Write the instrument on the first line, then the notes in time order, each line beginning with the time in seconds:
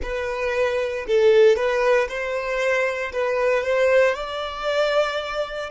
violin
0.02 B4
1.07 A4
1.56 B4
2.08 C5
3.12 B4
3.63 C5
4.14 D5